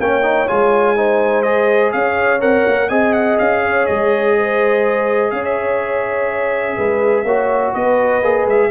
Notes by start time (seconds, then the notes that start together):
0.00 A#3 C#4 C#5 G5
0.23 D#4
0.48 G#3 F4 G#5
0.96 D#4 C5
1.43 G#4 D#5
1.92 C#4 C#5 F5
2.40 C4 A#4 F#5
2.67 A#3
2.89 C4 G#4 D#5 G#5
3.13 F#5
3.39 C#4 F5
3.64 C#5
3.86 G#3 D#5
4.37 C5
5.31 C#4 C#5 F5
5.45 E5
6.77 G#3 B4
7.24 A#3 F#4 C#5
7.72 B3 B4 D#5
8.22 A#3 G#4
8.46 G#3 E5